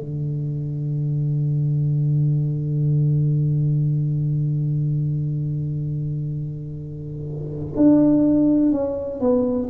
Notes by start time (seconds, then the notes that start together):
0.00 D3
7.77 D4
8.73 C#4
9.21 B3